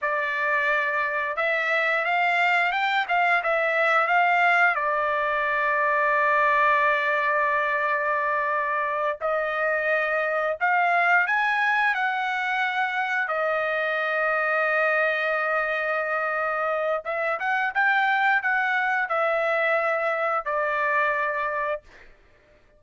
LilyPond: \new Staff \with { instrumentName = "trumpet" } { \time 4/4 \tempo 4 = 88 d''2 e''4 f''4 | g''8 f''8 e''4 f''4 d''4~ | d''1~ | d''4. dis''2 f''8~ |
f''8 gis''4 fis''2 dis''8~ | dis''1~ | dis''4 e''8 fis''8 g''4 fis''4 | e''2 d''2 | }